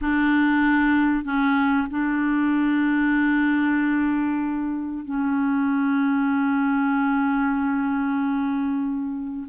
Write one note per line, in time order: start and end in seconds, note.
0.01 1.24 D4
1.24 1.87 C#4
1.90 5.04 D4
5.04 9.47 C#4